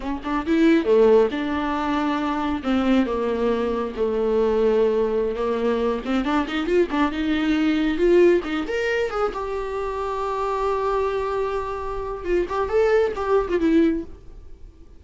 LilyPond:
\new Staff \with { instrumentName = "viola" } { \time 4/4 \tempo 4 = 137 cis'8 d'8 e'4 a4 d'4~ | d'2 c'4 ais4~ | ais4 a2.~ | a16 ais4. c'8 d'8 dis'8 f'8 d'16~ |
d'16 dis'2 f'4 dis'8 ais'16~ | ais'8. gis'8 g'2~ g'8.~ | g'1 | f'8 g'8 a'4 g'8. f'16 e'4 | }